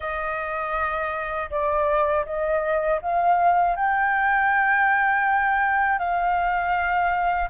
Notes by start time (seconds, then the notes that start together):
0.00 D#5
1.50 D5
2.25 D#5
3.01 F5
3.76 G5
5.98 F5